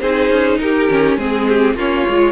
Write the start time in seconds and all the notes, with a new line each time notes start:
0.00 C4 D#4 G#4 C5
0.29 C#4
0.58 D#4 G4 A#4
0.89 D#3 C#4
1.16 G#3 C4 G#4
1.48 G4
1.74 A#3 C#4 F4 C#5
2.08 G#3 F4